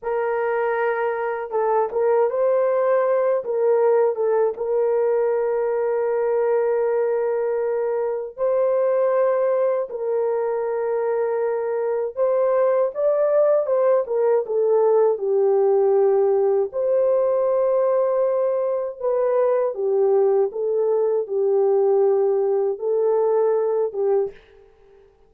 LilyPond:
\new Staff \with { instrumentName = "horn" } { \time 4/4 \tempo 4 = 79 ais'2 a'8 ais'8 c''4~ | c''8 ais'4 a'8 ais'2~ | ais'2. c''4~ | c''4 ais'2. |
c''4 d''4 c''8 ais'8 a'4 | g'2 c''2~ | c''4 b'4 g'4 a'4 | g'2 a'4. g'8 | }